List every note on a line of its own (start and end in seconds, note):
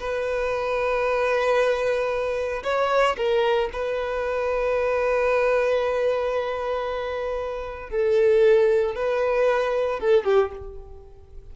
0.00 2.63 B4
2.64 3.16 C#5
3.17 3.70 A#4
3.73 7.90 B4
7.90 8.95 A4
8.95 10.00 B4
10.00 10.24 A4
10.24 10.51 G4